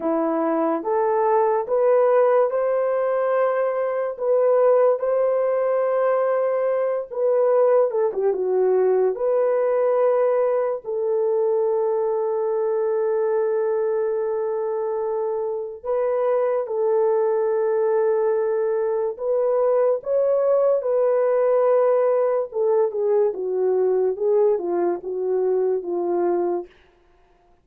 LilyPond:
\new Staff \with { instrumentName = "horn" } { \time 4/4 \tempo 4 = 72 e'4 a'4 b'4 c''4~ | c''4 b'4 c''2~ | c''8 b'4 a'16 g'16 fis'4 b'4~ | b'4 a'2.~ |
a'2. b'4 | a'2. b'4 | cis''4 b'2 a'8 gis'8 | fis'4 gis'8 f'8 fis'4 f'4 | }